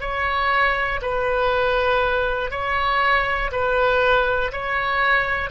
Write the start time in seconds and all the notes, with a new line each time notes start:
0.00 C#5
1.01 B4
2.50 C#5
3.51 B4
4.51 C#5